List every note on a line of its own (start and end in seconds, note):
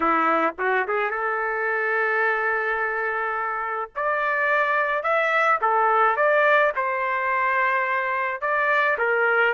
0.00 0.53 E4
0.58 0.86 F#4
0.87 1.10 G#4
1.10 3.90 A4
3.95 5.03 D5
5.03 5.59 E5
5.61 6.16 A4
6.16 6.72 D5
6.75 8.41 C5
8.41 8.97 D5
8.97 9.54 A#4